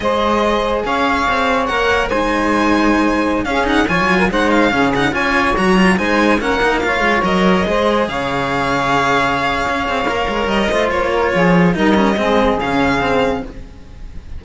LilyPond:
<<
  \new Staff \with { instrumentName = "violin" } { \time 4/4 \tempo 4 = 143 dis''2 f''2 | fis''4 gis''2.~ | gis''16 f''8 fis''8 gis''4 fis''8 f''4 fis''16~ | fis''16 gis''4 ais''4 gis''4 fis''8.~ |
fis''16 f''4 dis''2 f''8.~ | f''1~ | f''4 dis''4 cis''2 | dis''2 f''2 | }
  \new Staff \with { instrumentName = "saxophone" } { \time 4/4 c''2 cis''2~ | cis''4 c''2.~ | c''16 gis'4 cis''8. ais'16 c''4 gis'8.~ | gis'16 cis''2 c''4 ais'8.~ |
ais'16 cis''2 c''4 cis''8.~ | cis''1~ | cis''4. c''4 ais'8 gis'4 | ais'4 gis'2. | }
  \new Staff \with { instrumentName = "cello" } { \time 4/4 gis'1 | ais'4 dis'2.~ | dis'16 cis'8 dis'8 f'4 dis'4 cis'8 dis'16~ | dis'16 f'4 fis'8 f'8 dis'4 cis'8 dis'16~ |
dis'16 f'4 ais'4 gis'4.~ gis'16~ | gis'1 | ais'4. f'2~ f'8 | dis'8 cis'8 c'4 cis'4 c'4 | }
  \new Staff \with { instrumentName = "cello" } { \time 4/4 gis2 cis'4 c'4 | ais4 gis2.~ | gis16 cis'4 f16 fis8. gis4 cis8.~ | cis16 cis'4 fis4 gis4 ais8.~ |
ais8. gis8 fis4 gis4 cis8.~ | cis2. cis'8 c'8 | ais8 gis8 g8 a8 ais4 f4 | g4 gis4 cis2 | }
>>